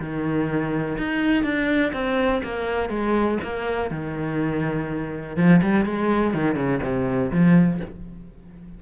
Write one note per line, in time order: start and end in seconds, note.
0.00 0.98 D#3
0.98 1.43 D#4
1.43 1.92 D4
1.93 2.42 C4
2.44 2.90 A#3
2.90 3.38 G#3
3.43 3.91 A#3
3.91 5.37 D#3
5.37 5.61 F3
5.62 5.86 G3
5.86 6.34 G#3
6.34 6.56 D#3
6.56 6.80 C#3
6.82 7.31 C3
7.32 7.80 F3